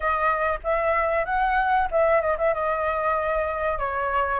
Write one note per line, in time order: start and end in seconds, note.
0.00 0.59 D#5
0.63 1.25 E5
1.25 1.88 F#5
1.91 2.21 E5
2.21 2.37 D#5
2.38 2.53 E5
2.54 3.78 D#5
3.78 4.40 C#5